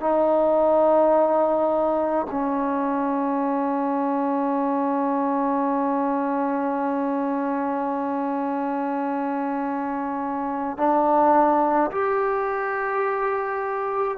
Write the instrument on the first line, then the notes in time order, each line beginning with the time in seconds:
trombone
0.00 D#4
2.30 C#4
10.77 D4
11.91 G4